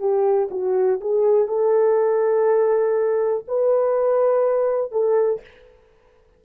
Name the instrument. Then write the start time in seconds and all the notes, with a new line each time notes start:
horn
0.00 G4
0.51 F#4
1.01 G#4
1.48 A4
3.48 B4
4.92 A4